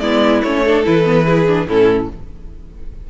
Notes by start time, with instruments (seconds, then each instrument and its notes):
0.00 cello G#3, viola B3, violin E4 D5
0.43 cello A3, viola C#4, violin C#5
0.65 viola D4, violin A4
0.84 cello E3, viola E4, violin B4
1.04 viola B3
1.25 viola E4, violin G#4
1.47 viola D4
1.66 cello A2, viola C#4, violin E4 A4